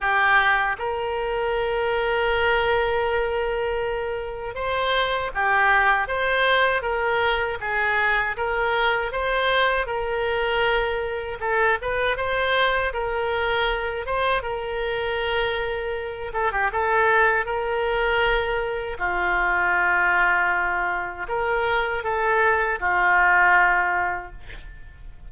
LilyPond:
\new Staff \with { instrumentName = "oboe" } { \time 4/4 \tempo 4 = 79 g'4 ais'2.~ | ais'2 c''4 g'4 | c''4 ais'4 gis'4 ais'4 | c''4 ais'2 a'8 b'8 |
c''4 ais'4. c''8 ais'4~ | ais'4. a'16 g'16 a'4 ais'4~ | ais'4 f'2. | ais'4 a'4 f'2 | }